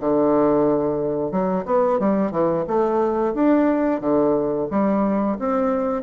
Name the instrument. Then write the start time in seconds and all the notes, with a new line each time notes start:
bassoon
0.00 D3
1.31 F#3
1.65 B3
1.99 G3
2.31 E3
2.67 A3
3.34 D4
4.01 D3
4.70 G3
5.39 C4